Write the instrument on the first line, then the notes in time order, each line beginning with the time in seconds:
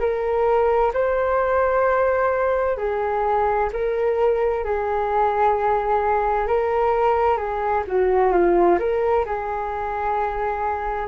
flute
0.00 A#4
0.94 C5
2.77 G#4
3.73 A#4
4.64 G#4
6.47 A#4
7.37 G#4
7.88 F#4
8.32 F4
8.79 A#4
9.26 G#4